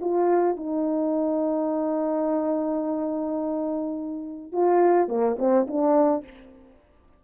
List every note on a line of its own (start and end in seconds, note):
0.00 0.56 F4
0.56 4.52 D#4
4.52 5.08 F4
5.08 5.36 A#3
5.38 5.66 C4
5.67 6.24 D4